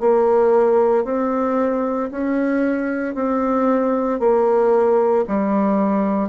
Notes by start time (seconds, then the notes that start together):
0.00 A#3
1.05 C4
2.11 C#4
3.15 C4
4.20 A#3
5.28 G3